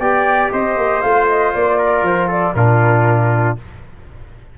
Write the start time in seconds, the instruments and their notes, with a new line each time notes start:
0.00 tuba B3, trombone G4, trumpet D5, flute G5
0.52 tuba C4, trumpet C5, flute D#5
0.77 tuba A#3
1.01 tuba A3, trombone F4, flute F5
1.28 flute D#5
1.54 tuba A#3, flute D5
1.78 trumpet A#4
2.02 tuba F3, flute C5
2.28 trumpet A4, flute D5
2.54 tuba A#2, trombone D4, trumpet F4, flute A#4